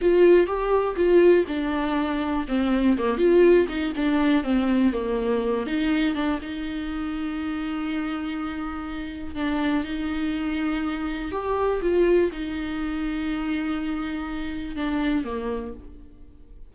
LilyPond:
\new Staff \with { instrumentName = "viola" } { \time 4/4 \tempo 4 = 122 f'4 g'4 f'4 d'4~ | d'4 c'4 ais8 f'4 dis'8 | d'4 c'4 ais4. dis'8~ | dis'8 d'8 dis'2.~ |
dis'2. d'4 | dis'2. g'4 | f'4 dis'2.~ | dis'2 d'4 ais4 | }